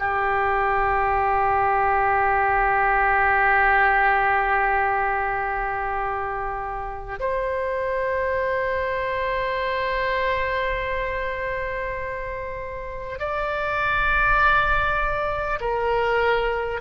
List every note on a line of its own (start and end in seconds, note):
0.00 7.20 G4
7.20 13.20 C5
13.20 15.60 D5
15.61 16.81 A#4